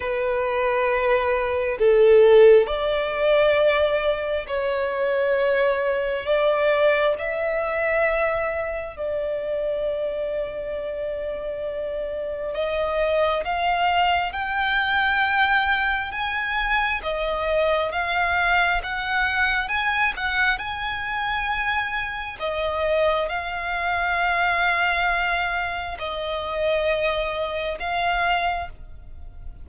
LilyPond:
\new Staff \with { instrumentName = "violin" } { \time 4/4 \tempo 4 = 67 b'2 a'4 d''4~ | d''4 cis''2 d''4 | e''2 d''2~ | d''2 dis''4 f''4 |
g''2 gis''4 dis''4 | f''4 fis''4 gis''8 fis''8 gis''4~ | gis''4 dis''4 f''2~ | f''4 dis''2 f''4 | }